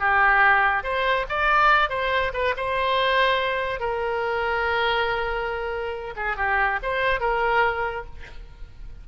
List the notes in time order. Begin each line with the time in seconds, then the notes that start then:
0.00 G4
0.84 C5
1.30 D5
1.90 C5
2.34 B4
2.57 C5
3.80 A#4
6.16 G#4
6.37 G4
6.83 C5
7.21 A#4